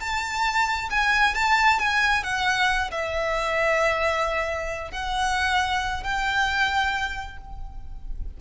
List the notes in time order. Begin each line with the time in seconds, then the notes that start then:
0.00 A5
0.90 G#5
1.35 A5
1.79 G#5
2.23 F#5
2.91 E5
4.92 F#5
6.03 G5